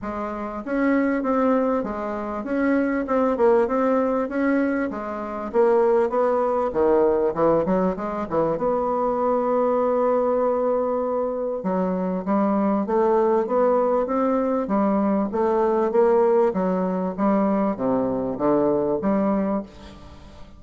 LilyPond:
\new Staff \with { instrumentName = "bassoon" } { \time 4/4 \tempo 4 = 98 gis4 cis'4 c'4 gis4 | cis'4 c'8 ais8 c'4 cis'4 | gis4 ais4 b4 dis4 | e8 fis8 gis8 e8 b2~ |
b2. fis4 | g4 a4 b4 c'4 | g4 a4 ais4 fis4 | g4 c4 d4 g4 | }